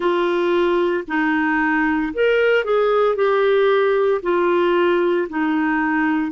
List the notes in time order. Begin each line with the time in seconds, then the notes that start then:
0.00 F4
1.07 D#4
2.13 A#4
2.64 G#4
3.15 G4
4.22 F4
5.29 D#4